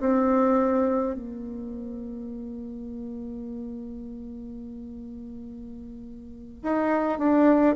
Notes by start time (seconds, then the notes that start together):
0.00 C4
1.15 A#3
6.63 D#4
7.19 D4